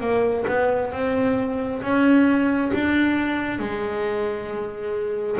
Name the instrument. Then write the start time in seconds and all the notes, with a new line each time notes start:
double bass
0.00 A#3
0.47 B3
0.92 C4
1.82 C#4
2.74 D4
3.59 G#3